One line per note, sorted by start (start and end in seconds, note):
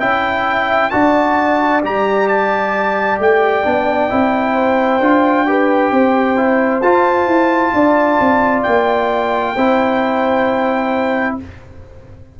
0.00 0.92 C#4
0.00 0.91 E4
0.00 0.92 E5
0.00 0.90 G5
0.90 1.84 D4
0.90 1.82 F#4
0.90 4.54 D5
0.90 1.81 A5
1.83 3.19 G3
1.83 3.64 G4
1.83 2.28 A#5
2.28 3.19 A5
3.19 3.65 A3
3.19 6.82 G5
3.64 4.11 B3
3.64 4.10 D4
4.10 5.00 C4
4.10 5.01 E4
4.54 5.45 C5
5.00 5.91 D4
5.00 5.47 F4
5.47 6.37 G4
5.47 5.92 B4
5.91 6.82 C4
5.91 7.74 C5
6.37 6.82 E4
6.82 7.27 F4
6.82 9.56 F4
6.82 8.63 A5
7.27 7.72 E4
7.73 8.19 D4
7.73 9.55 D5
8.20 8.66 C4
8.63 9.57 A#3
8.63 11.36 G5
9.55 11.38 C4
9.55 11.40 E4
9.55 11.37 C5